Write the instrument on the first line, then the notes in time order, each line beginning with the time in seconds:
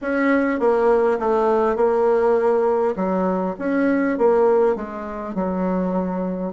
bassoon
0.01 C#4
0.59 A#3
1.19 A3
1.76 A#3
2.96 F#3
3.58 C#4
4.17 A#3
4.75 G#3
5.35 F#3